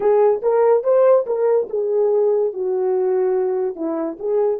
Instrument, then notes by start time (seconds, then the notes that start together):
horn
0.00 G#4
0.42 A#4
0.83 C5
1.26 A#4
1.69 G#4
2.53 F#4
3.75 E4
4.19 G#4